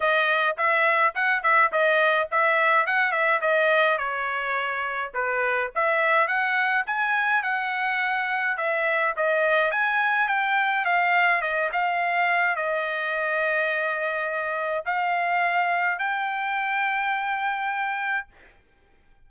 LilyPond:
\new Staff \with { instrumentName = "trumpet" } { \time 4/4 \tempo 4 = 105 dis''4 e''4 fis''8 e''8 dis''4 | e''4 fis''8 e''8 dis''4 cis''4~ | cis''4 b'4 e''4 fis''4 | gis''4 fis''2 e''4 |
dis''4 gis''4 g''4 f''4 | dis''8 f''4. dis''2~ | dis''2 f''2 | g''1 | }